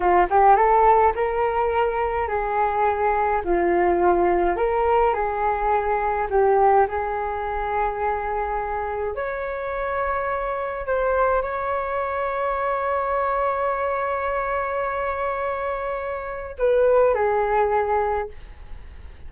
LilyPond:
\new Staff \with { instrumentName = "flute" } { \time 4/4 \tempo 4 = 105 f'8 g'8 a'4 ais'2 | gis'2 f'2 | ais'4 gis'2 g'4 | gis'1 |
cis''2. c''4 | cis''1~ | cis''1~ | cis''4 b'4 gis'2 | }